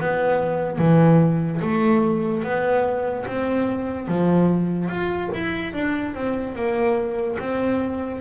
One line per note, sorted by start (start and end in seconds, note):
0.00 0.79 B3
0.79 1.61 E3
1.62 2.44 A3
2.44 3.26 B3
3.27 4.08 C4
4.08 4.89 F3
4.89 5.30 F4
5.34 5.74 E4
5.74 6.15 D4
6.15 6.56 C4
6.56 7.38 A#3
7.39 8.21 C4